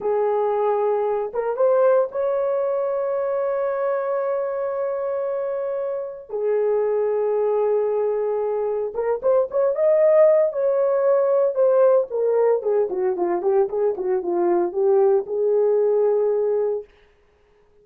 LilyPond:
\new Staff \with { instrumentName = "horn" } { \time 4/4 \tempo 4 = 114 gis'2~ gis'8 ais'8 c''4 | cis''1~ | cis''1 | gis'1~ |
gis'4 ais'8 c''8 cis''8 dis''4. | cis''2 c''4 ais'4 | gis'8 fis'8 f'8 g'8 gis'8 fis'8 f'4 | g'4 gis'2. | }